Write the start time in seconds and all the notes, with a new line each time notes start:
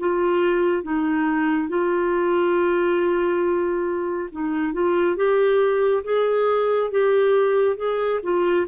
0.00 F4
0.83 D#4
1.69 F4
4.32 D#4
4.73 F4
5.17 G4
6.04 G#4
6.91 G4
7.77 G#4
8.23 F4